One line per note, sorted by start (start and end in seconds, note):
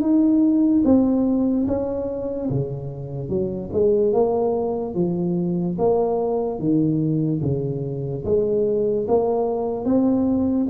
0.00 0.82 D#4
0.84 1.66 C4
1.67 2.49 C#4
2.50 3.28 C#3
3.28 3.69 F#3
3.72 4.12 G#3
4.12 4.94 A#3
4.94 5.76 F3
5.78 6.59 A#3
6.59 7.41 D#3
7.41 8.23 C#3
8.24 9.06 G#3
9.07 9.84 A#3
9.84 10.67 C4